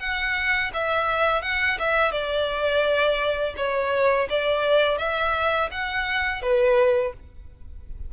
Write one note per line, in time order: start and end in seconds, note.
0.00 0.71 F#5
0.74 1.42 E5
1.42 1.78 F#5
1.79 2.12 E5
2.12 3.55 D5
3.57 4.28 C#5
4.30 4.98 D5
4.98 5.70 E5
5.71 6.42 F#5
6.42 7.14 B4